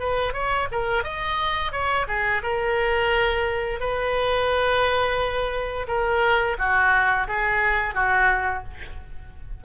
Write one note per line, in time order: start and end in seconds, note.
0.00 0.34 B4
0.34 0.68 C#5
0.72 1.04 A#4
1.04 1.72 D#5
1.72 2.07 C#5
2.08 2.43 G#4
2.43 3.80 A#4
3.80 5.87 B4
5.88 6.57 A#4
6.59 7.28 F#4
7.28 7.95 G#4
7.95 8.64 F#4